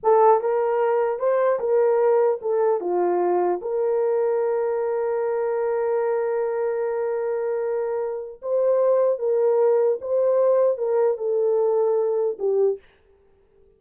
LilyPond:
\new Staff \with { instrumentName = "horn" } { \time 4/4 \tempo 4 = 150 a'4 ais'2 c''4 | ais'2 a'4 f'4~ | f'4 ais'2.~ | ais'1~ |
ais'1~ | ais'4 c''2 ais'4~ | ais'4 c''2 ais'4 | a'2. g'4 | }